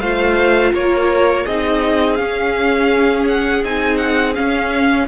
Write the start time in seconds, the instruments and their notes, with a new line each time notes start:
0.00 cello A3, viola F4, violin C5 F5
0.73 cello A#3, violin A#4 C#5
1.45 cello C4, viola D#4, violin G#4 D#5
2.15 viola C#4, cello C#4, violin F5
3.27 violin F#5
3.64 cello C4, viola D#4, violin G#5
3.97 violin F#5
4.34 viola C#4, cello C#4, violin F5